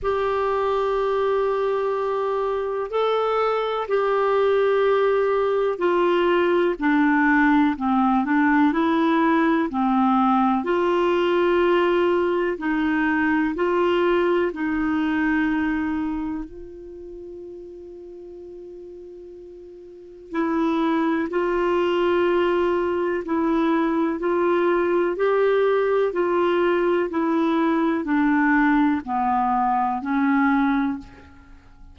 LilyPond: \new Staff \with { instrumentName = "clarinet" } { \time 4/4 \tempo 4 = 62 g'2. a'4 | g'2 f'4 d'4 | c'8 d'8 e'4 c'4 f'4~ | f'4 dis'4 f'4 dis'4~ |
dis'4 f'2.~ | f'4 e'4 f'2 | e'4 f'4 g'4 f'4 | e'4 d'4 b4 cis'4 | }